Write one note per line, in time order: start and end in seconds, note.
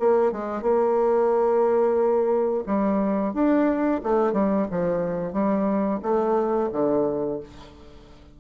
0.00 0.32 A#3
0.32 0.62 G#3
0.62 2.64 A#3
2.67 3.34 G3
3.34 4.02 D4
4.04 4.33 A3
4.33 4.67 G3
4.72 5.33 F3
5.33 6.01 G3
6.03 6.70 A3
6.73 7.40 D3